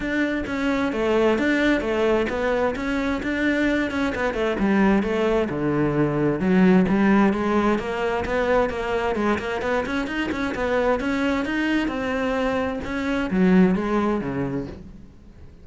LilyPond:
\new Staff \with { instrumentName = "cello" } { \time 4/4 \tempo 4 = 131 d'4 cis'4 a4 d'4 | a4 b4 cis'4 d'4~ | d'8 cis'8 b8 a8 g4 a4 | d2 fis4 g4 |
gis4 ais4 b4 ais4 | gis8 ais8 b8 cis'8 dis'8 cis'8 b4 | cis'4 dis'4 c'2 | cis'4 fis4 gis4 cis4 | }